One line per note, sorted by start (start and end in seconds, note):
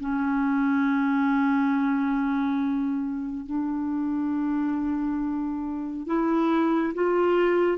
0.00 3.46 C#4
3.46 6.07 D4
6.07 6.94 E4
6.94 7.78 F4